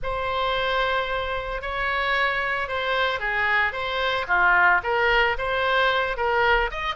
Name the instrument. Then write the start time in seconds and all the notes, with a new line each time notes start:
oboe
0.02 C5
1.61 C#5
2.68 C5
3.19 G#4
3.72 C5
4.27 F4
4.83 A#4
5.37 C5
6.16 A#4
6.70 D#5